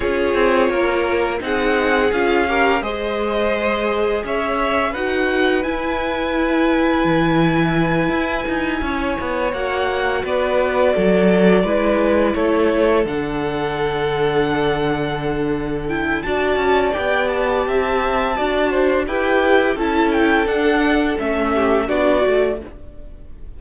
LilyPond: <<
  \new Staff \with { instrumentName = "violin" } { \time 4/4 \tempo 4 = 85 cis''2 fis''4 f''4 | dis''2 e''4 fis''4 | gis''1~ | gis''4. fis''4 d''4.~ |
d''4. cis''4 fis''4.~ | fis''2~ fis''8 g''8 a''4 | g''8 a''2~ a''8 g''4 | a''8 g''8 fis''4 e''4 d''4 | }
  \new Staff \with { instrumentName = "violin" } { \time 4/4 gis'4 ais'4 gis'4. ais'8 | c''2 cis''4 b'4~ | b'1~ | b'8 cis''2 b'4 a'8~ |
a'8 b'4 a'2~ a'8~ | a'2. d''4~ | d''4 e''4 d''8 c''8 b'4 | a'2~ a'8 g'8 fis'4 | }
  \new Staff \with { instrumentName = "viola" } { \time 4/4 f'2 dis'4 f'8 g'8 | gis'2. fis'4 | e'1~ | e'4. fis'2~ fis'8~ |
fis'8 e'2 d'4.~ | d'2~ d'8 e'8 fis'4 | g'2 fis'4 g'4 | e'4 d'4 cis'4 d'8 fis'8 | }
  \new Staff \with { instrumentName = "cello" } { \time 4/4 cis'8 c'8 ais4 c'4 cis'4 | gis2 cis'4 dis'4 | e'2 e4. e'8 | dis'8 cis'8 b8 ais4 b4 fis8~ |
fis8 gis4 a4 d4.~ | d2. d'8 cis'8 | b4 c'4 d'4 e'4 | cis'4 d'4 a4 b8 a8 | }
>>